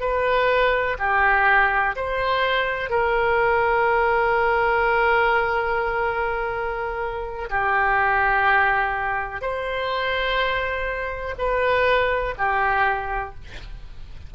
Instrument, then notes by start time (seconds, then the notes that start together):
oboe
0.00 B4
0.98 G4
1.96 C5
2.89 A#4
7.50 G4
9.41 C5
11.38 B4
12.38 G4